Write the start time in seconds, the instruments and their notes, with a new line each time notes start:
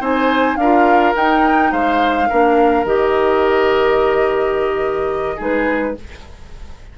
0.00 bassoon C4, clarinet D#4, oboe C5, flute G#5
0.56 bassoon D4, oboe A#4, flute F5
0.63 clarinet F4
1.15 clarinet D#4, bassoon D#4, flute G5
1.72 bassoon G#3, oboe C5, flute F5
2.29 bassoon A#3, clarinet D4, oboe A#4
2.85 bassoon D#3, clarinet G4, flute D#5
5.36 bassoon G#3, clarinet D#4, oboe G#4, flute B4